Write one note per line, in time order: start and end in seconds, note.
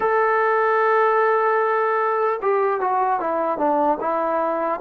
0.00 2.40 A4
2.41 2.80 G4
2.80 3.20 F#4
3.20 3.57 E4
3.57 3.97 D4
4.00 4.80 E4